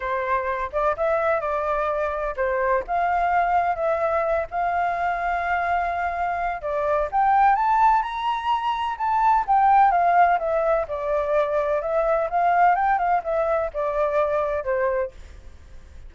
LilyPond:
\new Staff \with { instrumentName = "flute" } { \time 4/4 \tempo 4 = 127 c''4. d''8 e''4 d''4~ | d''4 c''4 f''2 | e''4. f''2~ f''8~ | f''2 d''4 g''4 |
a''4 ais''2 a''4 | g''4 f''4 e''4 d''4~ | d''4 e''4 f''4 g''8 f''8 | e''4 d''2 c''4 | }